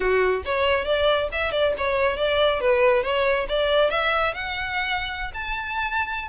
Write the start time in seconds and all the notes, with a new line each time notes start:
0.00 F#4
0.45 C#5
0.84 D5
1.32 E5
1.51 D5
1.77 C#5
2.16 D5
2.60 B4
3.03 C#5
3.48 D5
3.90 E5
4.34 F#5
5.34 A5